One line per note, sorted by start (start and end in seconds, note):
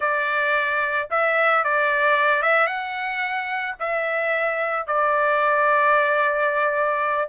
0.00 1.08 D5
1.10 1.63 E5
1.63 2.42 D5
2.42 2.67 E5
2.67 3.75 F#5
3.79 4.86 E5
4.86 7.29 D5